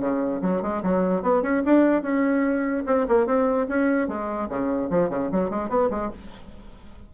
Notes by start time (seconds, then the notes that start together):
0.00 C#3
0.41 F#3
0.62 G#3
0.82 F#3
1.22 B3
1.42 C#4
1.65 D4
2.02 C#4
2.86 C4
3.08 A#3
3.26 C4
3.68 C#4
4.08 G#3
4.49 C#3
4.90 F3
5.09 C#3
5.31 F#3
5.50 G#3
5.69 B3
5.90 G#3